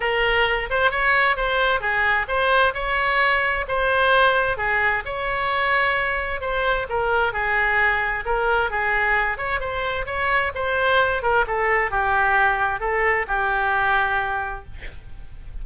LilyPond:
\new Staff \with { instrumentName = "oboe" } { \time 4/4 \tempo 4 = 131 ais'4. c''8 cis''4 c''4 | gis'4 c''4 cis''2 | c''2 gis'4 cis''4~ | cis''2 c''4 ais'4 |
gis'2 ais'4 gis'4~ | gis'8 cis''8 c''4 cis''4 c''4~ | c''8 ais'8 a'4 g'2 | a'4 g'2. | }